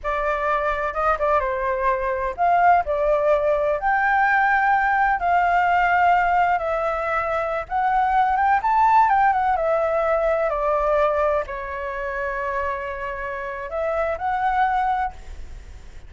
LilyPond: \new Staff \with { instrumentName = "flute" } { \time 4/4 \tempo 4 = 127 d''2 dis''8 d''8 c''4~ | c''4 f''4 d''2 | g''2. f''4~ | f''2 e''2~ |
e''16 fis''4. g''8 a''4 g''8 fis''16~ | fis''16 e''2 d''4.~ d''16~ | d''16 cis''2.~ cis''8.~ | cis''4 e''4 fis''2 | }